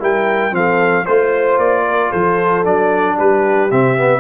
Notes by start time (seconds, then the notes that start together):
0.00 G3 E4 A#4 G5
0.52 F3 C4 A4 F5
1.04 A3 F4 C5
1.58 A#3 D5
1.86 A#4
2.10 F3 A4 C5
2.64 F#3 D4 D5
3.16 G3 G4 B4
3.71 C3 C4 E5
3.97 B3